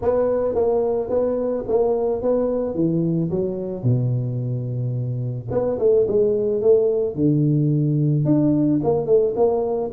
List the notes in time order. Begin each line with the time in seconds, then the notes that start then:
0.02 B3
0.55 A#3
1.09 B3
1.67 A#3
2.22 B3
2.74 E3
3.30 F#3
3.83 B2
5.50 B3
5.78 A3
6.07 G#3
6.61 A3
7.15 D3
8.25 D4
8.83 A#3
9.06 A3
9.36 A#3